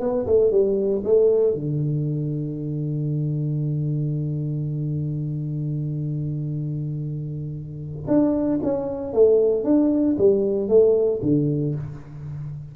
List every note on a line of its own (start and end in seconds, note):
0.00 0.26 B3
0.26 0.51 A3
0.51 1.03 G3
1.04 1.54 A3
1.54 8.06 D3
8.08 8.60 D4
8.63 9.13 C#4
9.13 9.64 A3
9.64 10.16 D4
10.18 10.68 G3
10.68 11.20 A3
11.22 11.75 D3